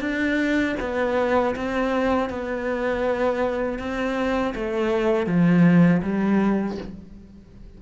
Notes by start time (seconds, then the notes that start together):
0.00 D4
0.80 B3
1.55 C4
2.29 B3
3.78 C4
4.54 A3
5.26 F3
6.02 G3